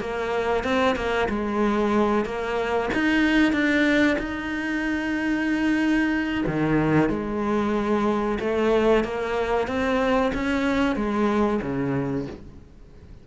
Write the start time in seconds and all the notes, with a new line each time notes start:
0.00 A#3
0.64 C4
0.96 A#3
1.29 G#3
2.25 A#3
2.94 D#4
3.52 D4
4.18 D#4
6.46 D#3
7.09 G#3
8.40 A3
9.04 A#3
9.67 C4
10.34 C#4
10.96 G#3
11.62 C#3